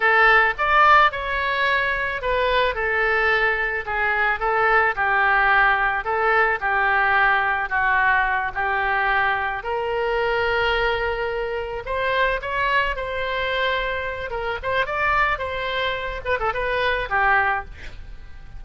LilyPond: \new Staff \with { instrumentName = "oboe" } { \time 4/4 \tempo 4 = 109 a'4 d''4 cis''2 | b'4 a'2 gis'4 | a'4 g'2 a'4 | g'2 fis'4. g'8~ |
g'4. ais'2~ ais'8~ | ais'4. c''4 cis''4 c''8~ | c''2 ais'8 c''8 d''4 | c''4. b'16 a'16 b'4 g'4 | }